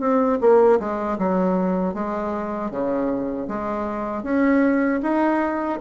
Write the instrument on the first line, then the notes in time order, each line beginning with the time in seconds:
bassoon
0.00 C4
0.41 A#3
0.79 G#3
1.19 F#3
1.94 G#3
2.71 C#3
3.48 G#3
4.23 C#4
5.02 D#4